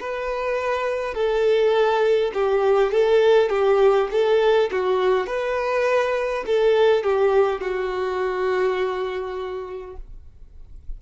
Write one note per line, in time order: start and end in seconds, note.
0.00 1.14 B4
1.14 2.32 A4
2.33 2.91 G4
2.91 3.49 A4
3.49 4.08 G4
4.11 4.70 A4
4.71 5.26 F#4
5.26 6.44 B4
6.46 7.03 A4
7.03 7.61 G4
7.61 9.96 F#4